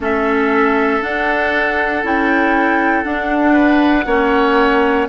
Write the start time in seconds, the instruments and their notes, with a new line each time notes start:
0.00 bassoon A3, clarinet C#4, oboe A4, flute E5
1.01 clarinet D4, bassoon D4, flute F#5
2.03 bassoon C#4, clarinet E4, flute G5
3.04 clarinet D4, bassoon D4, flute F#5
3.53 oboe B4
4.06 bassoon A#3, clarinet C#4, oboe C#5